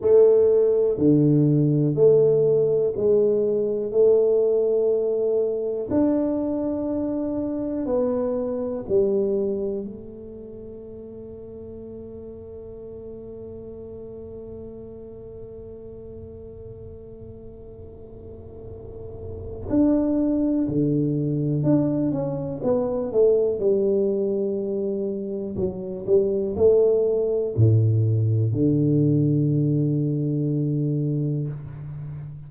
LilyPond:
\new Staff \with { instrumentName = "tuba" } { \time 4/4 \tempo 4 = 61 a4 d4 a4 gis4 | a2 d'2 | b4 g4 a2~ | a1~ |
a1 | d'4 d4 d'8 cis'8 b8 a8 | g2 fis8 g8 a4 | a,4 d2. | }